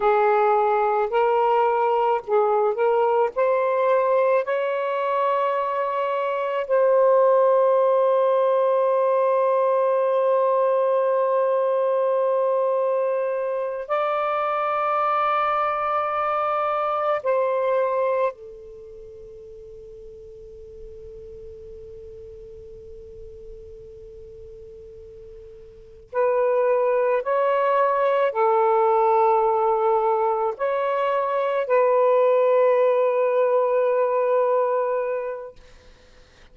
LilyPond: \new Staff \with { instrumentName = "saxophone" } { \time 4/4 \tempo 4 = 54 gis'4 ais'4 gis'8 ais'8 c''4 | cis''2 c''2~ | c''1~ | c''8 d''2. c''8~ |
c''8 a'2.~ a'8~ | a'2.~ a'8 b'8~ | b'8 cis''4 a'2 cis''8~ | cis''8 b'2.~ b'8 | }